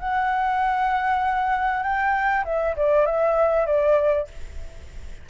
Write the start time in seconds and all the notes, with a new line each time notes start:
0.00 F#5
1.84 G5
2.45 E5
2.77 D5
3.06 E5
3.67 D5